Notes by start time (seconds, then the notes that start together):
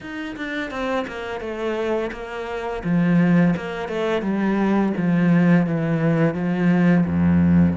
0.00 D#4
0.36 D4
0.71 C4
1.07 A#3
1.40 A3
2.12 A#3
2.84 F3
3.56 A#3
3.88 A3
4.22 G3
4.97 F3
5.66 E3
6.34 F3
7.06 F2